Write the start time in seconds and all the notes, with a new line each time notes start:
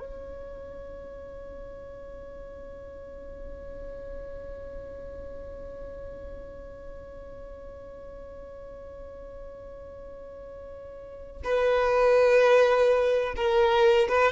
0.00 C#5
11.44 B4
13.37 A#4
14.09 B4